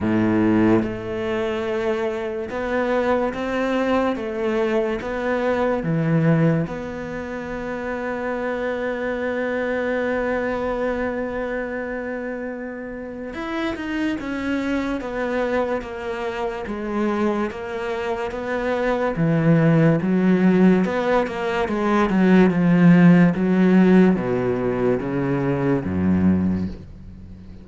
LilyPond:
\new Staff \with { instrumentName = "cello" } { \time 4/4 \tempo 4 = 72 a,4 a2 b4 | c'4 a4 b4 e4 | b1~ | b1 |
e'8 dis'8 cis'4 b4 ais4 | gis4 ais4 b4 e4 | fis4 b8 ais8 gis8 fis8 f4 | fis4 b,4 cis4 fis,4 | }